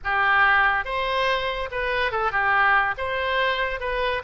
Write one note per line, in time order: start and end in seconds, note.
0.03 0.84 G4
0.84 1.69 C5
1.71 2.11 B4
2.11 2.31 A4
2.31 2.94 G4
2.97 3.80 C5
3.80 4.22 B4